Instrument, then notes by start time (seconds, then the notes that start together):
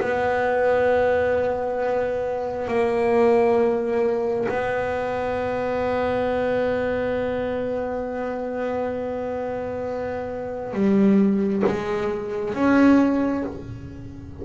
double bass
0.00 B3
2.68 A#3
4.48 B3
10.73 G3
11.66 G#3
12.54 C#4